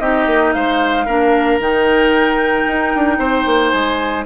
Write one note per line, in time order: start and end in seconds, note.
0.00 0.27 C4
0.00 1.07 D#4
0.00 0.54 G4
0.00 0.53 D#5
0.27 0.54 A#3
0.53 1.07 G#3
0.53 1.06 C5
0.53 1.59 F5
1.06 1.59 A#3
1.06 1.61 D4
1.06 3.18 A#4
1.59 2.66 D#3
1.59 4.26 D#4
1.59 3.70 G5
2.67 2.94 D#4
2.96 3.19 D4
3.19 3.45 C4
3.19 4.25 C5
3.46 3.73 A#3
3.70 4.26 G#3
3.70 4.23 G#5